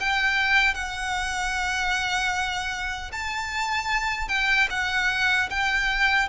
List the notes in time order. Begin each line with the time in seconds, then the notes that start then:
0.00 G5
0.74 F#5
3.12 A5
4.28 G5
4.70 F#5
5.50 G5